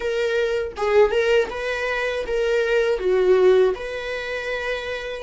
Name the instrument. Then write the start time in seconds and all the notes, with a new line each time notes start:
viola
0.00 A#4
0.77 G#4
1.11 A#4
1.50 B4
2.27 A#4
2.98 F#4
3.74 B4